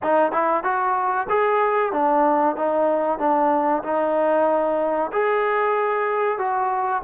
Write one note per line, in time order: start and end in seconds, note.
0.02 0.32 D#4
0.32 0.63 E4
0.63 1.27 F#4
1.29 1.92 G#4
1.92 2.56 D4
2.56 3.19 D#4
3.19 3.82 D4
3.83 5.11 D#4
5.12 6.38 G#4
6.38 7.02 F#4